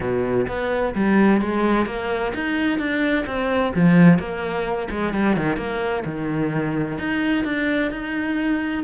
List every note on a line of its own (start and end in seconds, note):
0.00 0.47 B2
0.48 0.94 B3
0.95 1.41 G3
1.41 1.86 G#3
1.86 2.32 A#3
2.34 2.78 D#4
2.78 3.25 D4
3.26 3.73 C4
3.75 4.18 F3
4.18 4.88 A#3
4.90 5.13 G#3
5.13 5.36 G3
5.36 5.56 D#3
5.56 6.03 A#3
6.05 6.98 D#3
6.98 7.44 D#4
7.44 7.91 D4
7.91 8.83 D#4